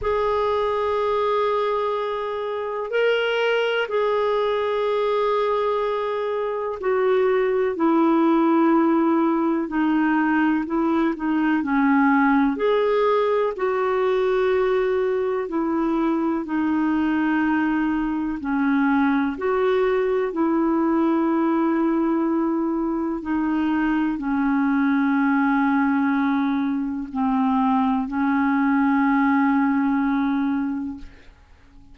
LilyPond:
\new Staff \with { instrumentName = "clarinet" } { \time 4/4 \tempo 4 = 62 gis'2. ais'4 | gis'2. fis'4 | e'2 dis'4 e'8 dis'8 | cis'4 gis'4 fis'2 |
e'4 dis'2 cis'4 | fis'4 e'2. | dis'4 cis'2. | c'4 cis'2. | }